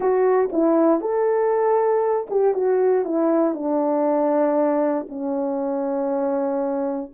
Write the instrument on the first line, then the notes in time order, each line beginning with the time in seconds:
horn
0.00 F#4
0.52 E4
1.00 A4
2.30 G4
2.54 F#4
3.04 E4
3.54 D4
5.08 C#4